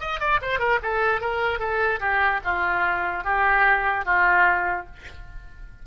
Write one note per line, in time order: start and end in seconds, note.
0.00 0.20 D#5
0.20 0.40 D5
0.42 0.59 C5
0.59 0.79 A#4
0.82 1.21 A4
1.21 1.59 A#4
1.59 2.00 A4
2.00 2.41 G4
2.44 3.24 F4
3.24 4.05 G4
4.05 4.86 F4